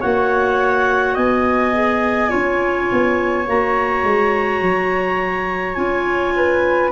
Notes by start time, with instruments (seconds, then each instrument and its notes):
0.00 tuba A#3, clarinet F#4 F#5, flute C#5
1.14 tuba B3, flute D#5, clarinet G#5
1.73 clarinet G#4
2.28 tuba C#4, clarinet F4, flute C#5
2.92 tuba B3
3.46 tuba A#3, clarinet F#4 A#5
4.03 tuba G#3
4.61 tuba F#3
5.74 tuba C#4, clarinet F4 G#5
6.36 flute B4